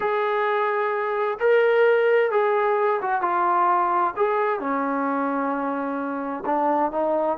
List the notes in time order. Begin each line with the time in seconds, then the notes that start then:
0.00 G#4
1.39 A#4
2.31 G#4
3.01 F#4
3.21 F4
4.16 G#4
4.59 C#4
6.45 D4
6.91 D#4